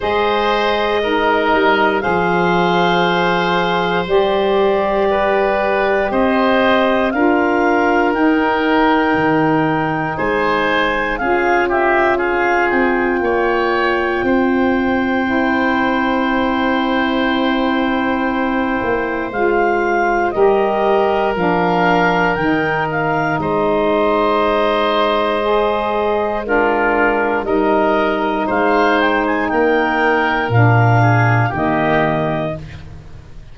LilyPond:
<<
  \new Staff \with { instrumentName = "clarinet" } { \time 4/4 \tempo 4 = 59 dis''2 f''2 | d''2 dis''4 f''4 | g''2 gis''4 f''8 e''8 | f''8 g''2.~ g''8~ |
g''2. f''4 | dis''4 f''4 g''8 f''8 dis''4~ | dis''2 ais'4 dis''4 | f''8 g''16 gis''16 g''4 f''4 dis''4 | }
  \new Staff \with { instrumentName = "oboe" } { \time 4/4 c''4 ais'4 c''2~ | c''4 b'4 c''4 ais'4~ | ais'2 c''4 gis'8 g'8 | gis'4 cis''4 c''2~ |
c''1 | ais'2. c''4~ | c''2 f'4 ais'4 | c''4 ais'4. gis'8 g'4 | }
  \new Staff \with { instrumentName = "saxophone" } { \time 4/4 gis'4 dis'4 gis'2 | g'2. f'4 | dis'2. f'4~ | f'2. e'4~ |
e'2. f'4 | g'4 d'4 dis'2~ | dis'4 gis'4 d'4 dis'4~ | dis'2 d'4 ais4 | }
  \new Staff \with { instrumentName = "tuba" } { \time 4/4 gis4. g8 f2 | g2 c'4 d'4 | dis'4 dis4 gis4 cis'4~ | cis'8 c'8 ais4 c'2~ |
c'2~ c'8 ais8 gis4 | g4 f4 dis4 gis4~ | gis2. g4 | gis4 ais4 ais,4 dis4 | }
>>